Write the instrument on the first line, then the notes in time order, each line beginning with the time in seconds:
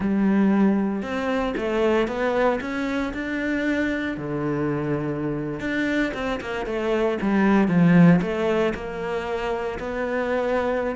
cello
0.00 G3
1.02 C4
1.57 A3
2.07 B3
2.60 C#4
3.13 D4
4.17 D3
5.60 D4
6.14 C4
6.40 A#3
6.65 A3
7.21 G3
7.68 F3
8.21 A3
8.74 A#3
9.79 B3